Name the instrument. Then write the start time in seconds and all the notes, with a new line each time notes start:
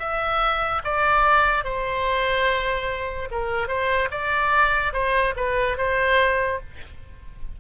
oboe
0.00 E5
0.85 D5
1.65 C5
3.31 A#4
3.68 C5
4.11 D5
4.94 C5
5.36 B4
5.78 C5